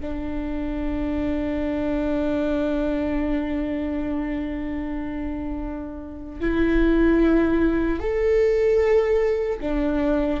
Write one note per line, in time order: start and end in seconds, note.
0.00 6.40 D4
6.40 7.99 E4
7.99 9.59 A4
9.60 10.40 D4